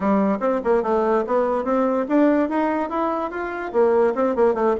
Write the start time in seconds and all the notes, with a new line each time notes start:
0.00 G3
0.40 C4
0.64 A#3
0.83 A3
1.26 B3
1.64 C4
2.08 D4
2.49 D#4
2.89 E4
3.30 F4
3.72 A#3
4.14 C4
4.35 A#3
4.54 A3